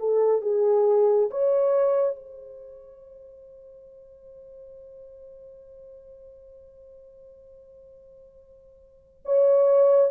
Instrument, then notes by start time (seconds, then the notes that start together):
horn
0.00 A4
0.42 G#4
1.31 C#5
2.16 C5
9.25 C#5